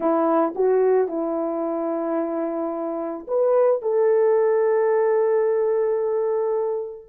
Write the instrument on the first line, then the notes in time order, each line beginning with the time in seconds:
horn
0.00 E4
0.55 F#4
1.08 E4
3.27 B4
3.82 A4